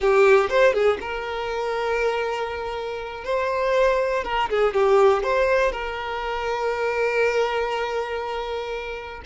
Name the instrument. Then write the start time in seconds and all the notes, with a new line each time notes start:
violin
0.00 G4
0.49 C5
0.73 G#4
1.00 A#4
3.24 C5
4.24 A#4
4.49 G#4
4.73 G4
5.23 C5
5.72 A#4